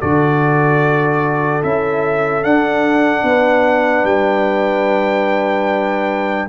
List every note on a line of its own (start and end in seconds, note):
0.00 1.64 D3
0.00 1.62 F#4
0.00 3.25 A4
0.00 1.62 D5
1.62 2.44 C#4
1.62 2.43 E4
1.62 2.44 E5
2.43 6.48 D4
2.43 3.23 D4
2.43 4.05 F#5
3.23 4.04 B3
3.23 6.48 B4
4.04 6.47 G3
4.04 6.48 G5